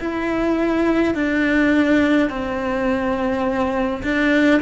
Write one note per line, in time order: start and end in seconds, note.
0.00 1.15 E4
1.15 2.30 D4
2.30 4.03 C4
4.04 4.62 D4